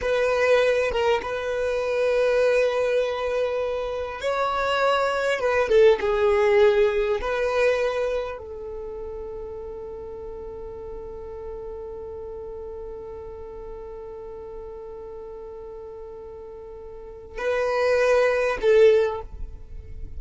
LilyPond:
\new Staff \with { instrumentName = "violin" } { \time 4/4 \tempo 4 = 100 b'4. ais'8 b'2~ | b'2. cis''4~ | cis''4 b'8 a'8 gis'2 | b'2 a'2~ |
a'1~ | a'1~ | a'1~ | a'4 b'2 a'4 | }